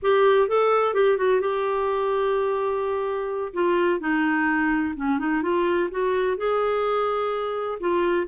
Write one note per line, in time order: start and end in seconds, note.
0.02 0.48 G4
0.48 0.94 A4
0.94 1.17 G4
1.17 1.40 F#4
1.40 3.53 G4
3.53 3.99 F4
3.99 4.94 D#4
4.96 5.18 C#4
5.18 5.42 D#4
5.42 5.89 F4
5.90 6.37 F#4
6.37 7.78 G#4
7.80 8.27 F4